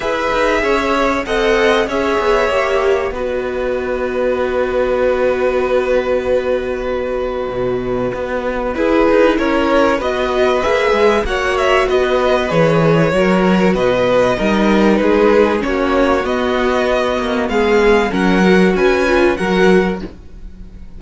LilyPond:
<<
  \new Staff \with { instrumentName = "violin" } { \time 4/4 \tempo 4 = 96 e''2 fis''4 e''4~ | e''4 dis''2.~ | dis''1~ | dis''2 b'4 cis''4 |
dis''4 e''4 fis''8 e''8 dis''4 | cis''2 dis''2 | b'4 cis''4 dis''2 | f''4 fis''4 gis''4 fis''4 | }
  \new Staff \with { instrumentName = "violin" } { \time 4/4 b'4 cis''4 dis''4 cis''4~ | cis''4 b'2.~ | b'1~ | b'2 gis'4 ais'4 |
b'2 cis''4 b'4~ | b'4 ais'4 b'4 ais'4 | gis'4 fis'2. | gis'4 ais'4 b'4 ais'4 | }
  \new Staff \with { instrumentName = "viola" } { \time 4/4 gis'2 a'4 gis'4 | g'4 fis'2.~ | fis'1~ | fis'2 e'2 |
fis'4 gis'4 fis'2 | gis'4 fis'2 dis'4~ | dis'4 cis'4 b2~ | b4 cis'8 fis'4 f'8 fis'4 | }
  \new Staff \with { instrumentName = "cello" } { \time 4/4 e'8 dis'8 cis'4 c'4 cis'8 b8 | ais4 b2.~ | b1 | b,4 b4 e'8 dis'8 cis'4 |
b4 ais8 gis8 ais4 b4 | e4 fis4 b,4 g4 | gis4 ais4 b4. ais8 | gis4 fis4 cis'4 fis4 | }
>>